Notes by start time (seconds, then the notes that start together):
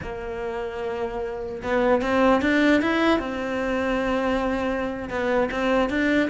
0.02 A#3
1.62 B3
2.01 C4
2.41 D4
2.81 E4
3.19 C4
5.09 B3
5.51 C4
5.89 D4